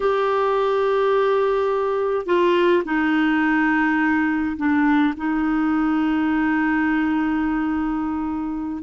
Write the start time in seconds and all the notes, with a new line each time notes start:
0.00 G4
2.26 F4
2.84 D#4
4.57 D4
5.16 D#4